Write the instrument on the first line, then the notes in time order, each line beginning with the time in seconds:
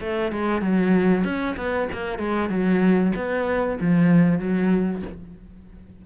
cello
0.00 A3
0.32 G#3
0.61 F#3
1.24 C#4
1.56 B3
1.92 A#3
2.18 G#3
2.49 F#3
3.15 B3
3.80 F3
4.39 F#3